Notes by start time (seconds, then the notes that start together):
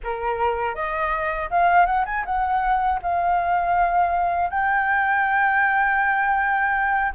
0.03 A#4
0.74 D#5
1.50 F5
1.85 F#5
2.05 G#5
2.25 F#5
3.02 F5
4.50 G5